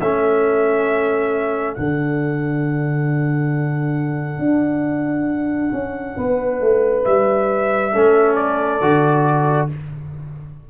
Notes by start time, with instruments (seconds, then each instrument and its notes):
0.00 tuba A3, trombone C#4, horn A4, trumpet E5
1.74 tuba D3, trombone D4, trumpet F#5
4.39 tuba D4
5.72 tuba C#4
6.17 tuba B3, horn B4
6.61 tuba A3
7.05 tuba G3, trumpet E5
7.93 tuba A3, trombone C#4, horn A4
8.36 trumpet D5
8.81 tuba D3, trombone F#4